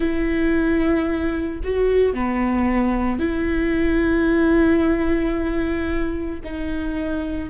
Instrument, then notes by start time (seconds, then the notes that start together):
viola
0.00 E4
1.64 F#4
2.13 B3
3.19 E4
6.44 D#4